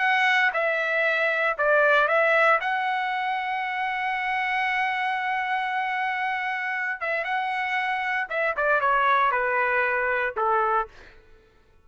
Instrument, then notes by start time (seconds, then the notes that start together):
trumpet
0.00 F#5
0.54 E5
1.58 D5
2.08 E5
2.61 F#5
7.01 E5
7.25 F#5
8.30 E5
8.57 D5
8.81 C#5
9.32 B4
10.37 A4